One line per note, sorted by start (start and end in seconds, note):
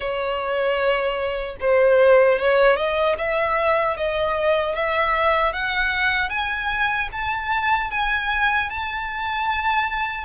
0.00 1.56 C#5
1.60 2.39 C5
2.39 2.76 C#5
2.76 3.15 D#5
3.18 3.97 E5
3.97 4.75 D#5
4.75 5.53 E5
5.53 6.29 F#5
6.29 7.08 G#5
7.12 7.91 A5
7.91 8.69 G#5
8.69 10.24 A5